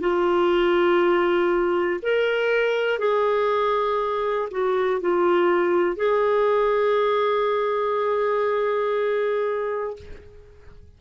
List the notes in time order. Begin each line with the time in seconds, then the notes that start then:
0.00 F4
2.03 A#4
2.99 G#4
4.51 F#4
5.00 F4
5.96 G#4